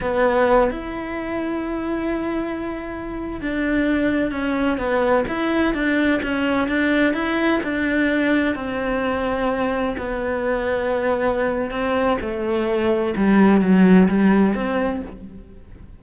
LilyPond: \new Staff \with { instrumentName = "cello" } { \time 4/4 \tempo 4 = 128 b4. e'2~ e'8~ | e'2.~ e'16 d'8.~ | d'4~ d'16 cis'4 b4 e'8.~ | e'16 d'4 cis'4 d'4 e'8.~ |
e'16 d'2 c'4.~ c'16~ | c'4~ c'16 b2~ b8.~ | b4 c'4 a2 | g4 fis4 g4 c'4 | }